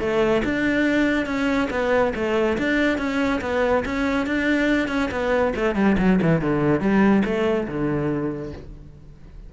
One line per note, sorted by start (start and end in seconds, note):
0.00 0.43 A3
0.44 1.26 D4
1.26 1.68 C#4
1.71 2.13 B3
2.15 2.58 A3
2.58 2.98 D4
2.98 3.40 C#4
3.42 3.84 B3
3.85 4.27 C#4
4.27 4.88 D4
4.88 5.10 C#4
5.11 5.54 B3
5.56 5.75 A3
5.75 5.97 G3
5.98 6.20 F#3
6.22 6.41 E3
6.41 6.80 D3
6.80 7.23 G3
7.25 7.67 A3
7.68 8.53 D3